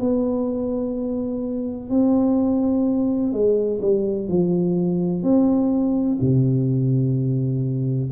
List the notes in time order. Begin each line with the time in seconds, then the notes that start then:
0.00 B3
1.90 C4
3.33 G#3
3.82 G3
4.29 F3
5.23 C4
6.22 C3